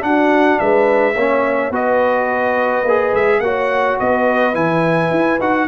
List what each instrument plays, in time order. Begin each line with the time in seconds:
0.00 trombone D4, tuba D4, horn F#4, trumpet F#5
0.59 tuba G#3, horn B4, trumpet E5
1.14 tuba A#3, trombone C#4, horn C#5
1.70 tuba B3, trombone F#4, horn B4, trumpet D#5
2.83 tuba A#3, trombone G#4
3.14 tuba G#3, trumpet E5
3.39 tuba A#3, trombone F#4, horn C#5, trumpet F#5
3.99 tuba B3, horn B4, trumpet D#5
4.54 tuba E3, trombone E4, trumpet G#5
5.10 tuba E4
5.39 tuba D#4, trombone F#4, trumpet F#5